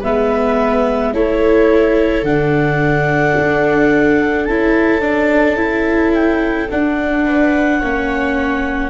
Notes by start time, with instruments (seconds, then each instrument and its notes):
0.00 tuba G#3, viola B3 B4, clarinet E5
1.14 tuba A3, viola E4 A4, clarinet C#5
2.22 tuba D3, viola D4, clarinet F#5
3.37 tuba D4
4.44 tuba C#4, viola E4, clarinet A5
5.01 viola D4
5.56 viola E4
6.14 clarinet G5
6.70 viola D4, tuba D4, clarinet F#5
7.25 viola B4
7.80 tuba A#3, viola C#4 C#5